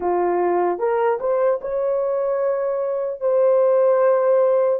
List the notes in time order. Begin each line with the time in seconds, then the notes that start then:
0.00 F4
0.79 A#4
1.20 C5
1.61 C#5
3.20 C5